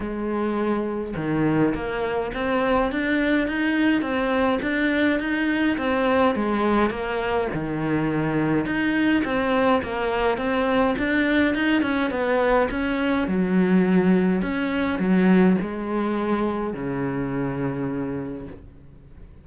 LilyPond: \new Staff \with { instrumentName = "cello" } { \time 4/4 \tempo 4 = 104 gis2 dis4 ais4 | c'4 d'4 dis'4 c'4 | d'4 dis'4 c'4 gis4 | ais4 dis2 dis'4 |
c'4 ais4 c'4 d'4 | dis'8 cis'8 b4 cis'4 fis4~ | fis4 cis'4 fis4 gis4~ | gis4 cis2. | }